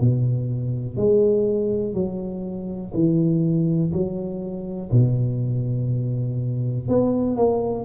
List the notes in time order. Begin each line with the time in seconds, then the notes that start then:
0.00 B2
0.96 G#3
1.93 F#3
2.94 E3
3.93 F#3
4.91 B2
6.88 B3
7.35 A#3